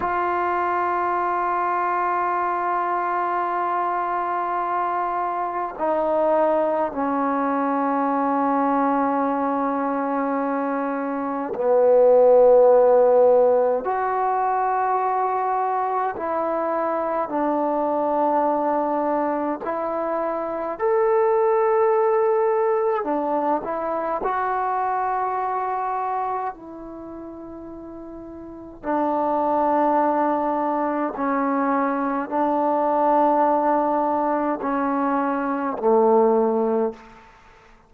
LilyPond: \new Staff \with { instrumentName = "trombone" } { \time 4/4 \tempo 4 = 52 f'1~ | f'4 dis'4 cis'2~ | cis'2 b2 | fis'2 e'4 d'4~ |
d'4 e'4 a'2 | d'8 e'8 fis'2 e'4~ | e'4 d'2 cis'4 | d'2 cis'4 a4 | }